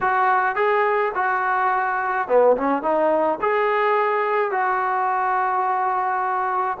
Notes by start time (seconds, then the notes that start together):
0.00 F#4
0.55 G#4
1.14 F#4
2.28 B3
2.57 C#4
2.82 D#4
3.41 G#4
4.51 F#4